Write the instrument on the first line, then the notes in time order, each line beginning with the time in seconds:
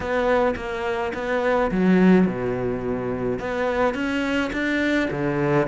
cello
0.00 B3
0.56 A#3
1.14 B3
1.71 F#3
2.26 B2
3.39 B3
3.94 C#4
4.52 D4
5.10 D3